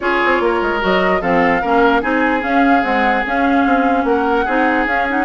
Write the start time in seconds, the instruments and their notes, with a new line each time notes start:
0.00 bassoon C#4, clarinet F4, oboe G#4, flute C#5
0.25 bassoon C4
0.40 bassoon A#3, oboe A#4
0.62 bassoon G#3
0.80 bassoon F#3, clarinet F#4, flute D#5
1.21 bassoon F3, clarinet C4, oboe A4, flute F5
1.61 bassoon A#3, clarinet C#4, oboe A#4
2.01 bassoon C4, clarinet D#4, oboe G#4, flute G#5
2.40 clarinet C#4, bassoon C#4, flute F5
2.82 clarinet G#3, bassoon C4, flute F#5
3.25 clarinet C#4, bassoon C#4, flute F5
3.65 bassoon C4
4.03 bassoon A#3, oboe A#4, flute F#5
4.45 bassoon C4, clarinet D#4, oboe G#4
4.86 bassoon C#4, clarinet C#4, flute F5
5.09 clarinet D#4, flute F#5